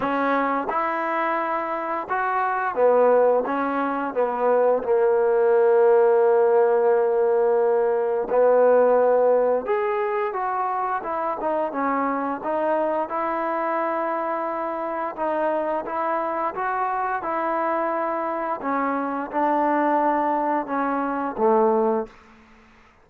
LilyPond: \new Staff \with { instrumentName = "trombone" } { \time 4/4 \tempo 4 = 87 cis'4 e'2 fis'4 | b4 cis'4 b4 ais4~ | ais1 | b2 gis'4 fis'4 |
e'8 dis'8 cis'4 dis'4 e'4~ | e'2 dis'4 e'4 | fis'4 e'2 cis'4 | d'2 cis'4 a4 | }